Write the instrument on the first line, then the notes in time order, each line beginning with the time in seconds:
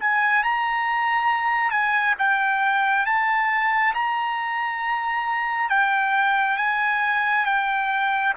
trumpet
0.00 G#5
0.44 A#5
1.71 G#5
2.19 G5
3.06 A5
3.95 A#5
5.70 G5
6.57 G#5
7.46 G5